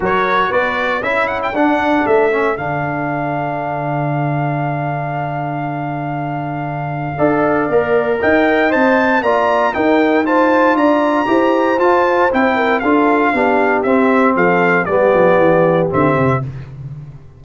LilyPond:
<<
  \new Staff \with { instrumentName = "trumpet" } { \time 4/4 \tempo 4 = 117 cis''4 d''4 e''8 fis''16 g''16 fis''4 | e''4 f''2.~ | f''1~ | f''1 |
g''4 a''4 ais''4 g''4 | a''4 ais''2 a''4 | g''4 f''2 e''4 | f''4 d''2 e''4 | }
  \new Staff \with { instrumentName = "horn" } { \time 4/4 ais'4 b'4 a'2~ | a'1~ | a'1~ | a'2 d''2 |
dis''2 d''4 ais'4 | c''4 d''4 c''2~ | c''8 ais'8 a'4 g'2 | a'4 g'2. | }
  \new Staff \with { instrumentName = "trombone" } { \time 4/4 fis'2 e'4 d'4~ | d'8 cis'8 d'2.~ | d'1~ | d'2 a'4 ais'4~ |
ais'4 c''4 f'4 dis'4 | f'2 g'4 f'4 | e'4 f'4 d'4 c'4~ | c'4 b2 c'4 | }
  \new Staff \with { instrumentName = "tuba" } { \time 4/4 fis4 b4 cis'4 d'4 | a4 d2.~ | d1~ | d2 d'4 ais4 |
dis'4 c'4 ais4 dis'4~ | dis'4 d'4 e'4 f'4 | c'4 d'4 b4 c'4 | f4 g8 f8 e4 d8 c8 | }
>>